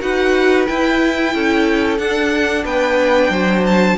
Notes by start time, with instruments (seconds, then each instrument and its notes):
0.00 cello D#4, viola F#4, violin B4 F#5
0.67 viola E4, cello E4, violin G5
1.34 cello C#4, violin A4
1.98 cello D4, viola D4, violin F#5
2.64 cello B3, violin B4 G5
3.29 cello F#3, violin C5
3.66 violin A5